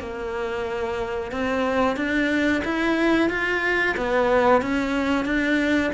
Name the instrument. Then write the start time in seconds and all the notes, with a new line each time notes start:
cello
0.00 A#3
1.32 C4
1.97 D4
2.64 E4
3.30 F4
3.97 B3
4.62 C#4
5.25 D4